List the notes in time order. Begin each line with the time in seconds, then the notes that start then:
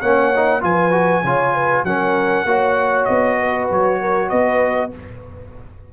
0.00 A#3 C#4 C#5 F#5
0.36 D#4
0.61 F3 F4 B4 G#5
0.91 F#4
1.23 C#3 F4 C#5
1.54 B4
1.84 F#3 C#4 A#4 F#5
2.45 A#3 F#4 C#5
3.05 B3 D#5
3.40 B4
3.70 F#3 C#5
4.00 A#4
4.29 B3 B4 D#5